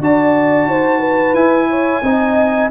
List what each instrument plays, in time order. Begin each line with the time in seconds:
0.00 tuba D4, trombone F#4, horn D5, trumpet A5
0.66 tuba D#4, horn C5
0.99 horn B4
1.34 tuba E4, trombone E4, trumpet G#5
1.70 horn C#5
2.03 tuba C4, trombone D#4, horn D#5